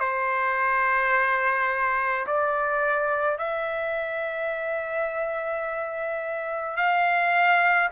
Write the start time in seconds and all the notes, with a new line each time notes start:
0.00 C5
2.26 D5
3.38 E5
6.77 F5